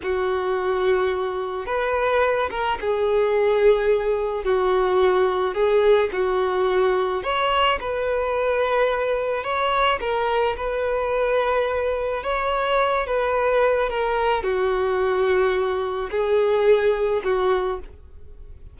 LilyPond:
\new Staff \with { instrumentName = "violin" } { \time 4/4 \tempo 4 = 108 fis'2. b'4~ | b'8 ais'8 gis'2. | fis'2 gis'4 fis'4~ | fis'4 cis''4 b'2~ |
b'4 cis''4 ais'4 b'4~ | b'2 cis''4. b'8~ | b'4 ais'4 fis'2~ | fis'4 gis'2 fis'4 | }